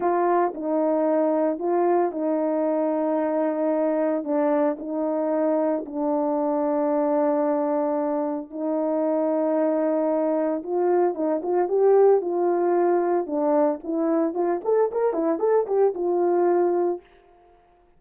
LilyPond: \new Staff \with { instrumentName = "horn" } { \time 4/4 \tempo 4 = 113 f'4 dis'2 f'4 | dis'1 | d'4 dis'2 d'4~ | d'1 |
dis'1 | f'4 dis'8 f'8 g'4 f'4~ | f'4 d'4 e'4 f'8 a'8 | ais'8 e'8 a'8 g'8 f'2 | }